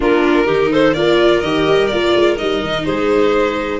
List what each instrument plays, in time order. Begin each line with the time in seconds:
0.00 tuba A#3, viola D4, clarinet F4, violin A#4
0.45 tuba D#3, viola D#4, clarinet G4
0.70 clarinet A4, violin C5
0.93 tuba A#3, viola F4, clarinet A#4, violin D5
1.40 tuba D#3, viola G4, violin D#5
1.66 tuba G3
1.87 tuba A#3, viola F4, violin D5
2.15 tuba G#3
2.37 tuba G3, viola D#4, violin D#5
2.61 tuba D#3
2.84 tuba G#3, clarinet G#4, violin C5